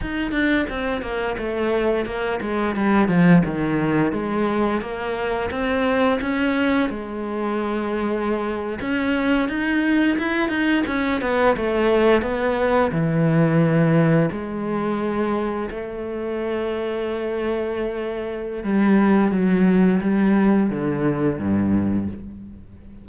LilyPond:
\new Staff \with { instrumentName = "cello" } { \time 4/4 \tempo 4 = 87 dis'8 d'8 c'8 ais8 a4 ais8 gis8 | g8 f8 dis4 gis4 ais4 | c'4 cis'4 gis2~ | gis8. cis'4 dis'4 e'8 dis'8 cis'16~ |
cis'16 b8 a4 b4 e4~ e16~ | e8. gis2 a4~ a16~ | a2. g4 | fis4 g4 d4 g,4 | }